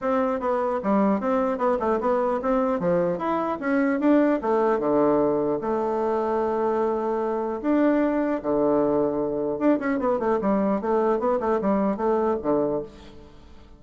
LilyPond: \new Staff \with { instrumentName = "bassoon" } { \time 4/4 \tempo 4 = 150 c'4 b4 g4 c'4 | b8 a8 b4 c'4 f4 | e'4 cis'4 d'4 a4 | d2 a2~ |
a2. d'4~ | d'4 d2. | d'8 cis'8 b8 a8 g4 a4 | b8 a8 g4 a4 d4 | }